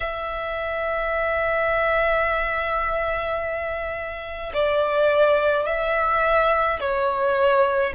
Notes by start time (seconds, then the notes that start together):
0.00 E5
4.53 D5
5.66 E5
6.79 C#5